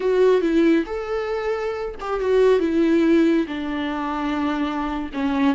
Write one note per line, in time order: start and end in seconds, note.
0.00 0.41 F#4
0.41 0.84 E4
0.86 1.94 A4
2.00 2.20 G4
2.20 2.59 F#4
2.59 3.46 E4
3.47 5.10 D4
5.13 5.55 C#4